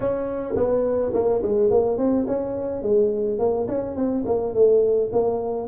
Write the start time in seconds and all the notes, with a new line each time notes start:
0.00 C#4
0.55 B3
1.13 A#3
1.42 G#3
1.70 A#3
1.97 C4
2.27 C#4
2.82 G#3
3.39 A#3
3.67 C#4
3.95 C4
4.25 A#3
4.54 A3
5.12 A#3